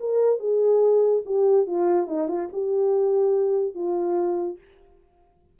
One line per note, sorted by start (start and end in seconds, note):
0.00 0.40 A#4
0.40 1.23 G#4
1.26 1.67 G4
1.67 2.07 F4
2.07 2.28 D#4
2.28 2.49 F4
2.53 3.75 G4
3.75 4.58 F4